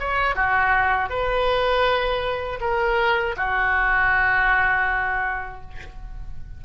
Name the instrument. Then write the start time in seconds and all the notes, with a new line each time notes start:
oboe
0.00 C#5
0.36 F#4
1.10 B4
2.61 A#4
3.37 F#4